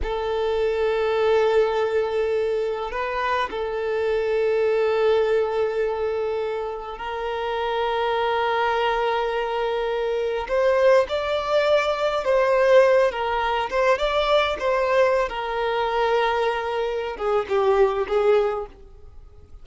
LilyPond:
\new Staff \with { instrumentName = "violin" } { \time 4/4 \tempo 4 = 103 a'1~ | a'4 b'4 a'2~ | a'1 | ais'1~ |
ais'2 c''4 d''4~ | d''4 c''4. ais'4 c''8 | d''4 c''4~ c''16 ais'4.~ ais'16~ | ais'4. gis'8 g'4 gis'4 | }